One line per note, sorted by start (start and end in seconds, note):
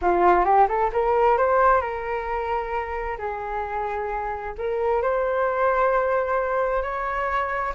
0.01 0.44 F4
0.44 0.67 G4
0.68 0.90 A4
0.92 1.37 A#4
1.37 1.81 C5
1.81 3.17 A#4
3.18 4.54 G#4
4.58 5.01 A#4
5.01 6.82 C5
6.82 7.73 C#5